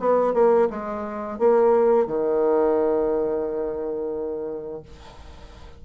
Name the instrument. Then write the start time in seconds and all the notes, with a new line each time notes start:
bassoon
0.00 B3
0.34 A#3
0.70 G#3
1.39 A#3
2.07 D#3